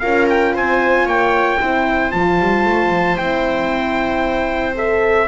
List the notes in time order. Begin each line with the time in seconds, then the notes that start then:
0.00 C#4 F4 A#4 F5
0.29 G5
0.54 C4 C5 G#5
1.05 A#3 C#5 G5
1.59 C4 E4 C5
2.12 F3 F4 A5
2.40 G3
2.65 A3
2.90 F3
3.17 C4 E4 G5
4.75 A4 E5